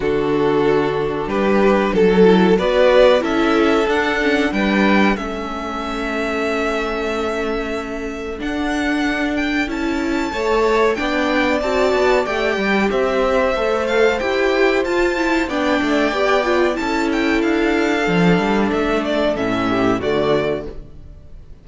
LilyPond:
<<
  \new Staff \with { instrumentName = "violin" } { \time 4/4 \tempo 4 = 93 a'2 b'4 a'4 | d''4 e''4 fis''4 g''4 | e''1~ | e''4 fis''4. g''8 a''4~ |
a''4 g''4 a''4 g''4 | e''4. f''8 g''4 a''4 | g''2 a''8 g''8 f''4~ | f''4 e''8 d''8 e''4 d''4 | }
  \new Staff \with { instrumentName = "violin" } { \time 4/4 fis'2 g'4 a'4 | b'4 a'2 b'4 | a'1~ | a'1 |
cis''4 d''2. | c''1 | d''2 a'2~ | a'2~ a'8 g'8 fis'4 | }
  \new Staff \with { instrumentName = "viola" } { \time 4/4 d'2.~ d'8 e'8 | fis'4 e'4 d'8 cis'8 d'4 | cis'1~ | cis'4 d'2 e'4 |
a'4 d'4 fis'4 g'4~ | g'4 a'4 g'4 f'8 e'8 | d'4 g'8 f'8 e'2 | d'2 cis'4 a4 | }
  \new Staff \with { instrumentName = "cello" } { \time 4/4 d2 g4 fis4 | b4 cis'4 d'4 g4 | a1~ | a4 d'2 cis'4 |
a4 b4 c'8 b8 a8 g8 | c'4 a4 e'4 f'4 | b8 a8 b4 cis'4 d'4 | f8 g8 a4 a,4 d4 | }
>>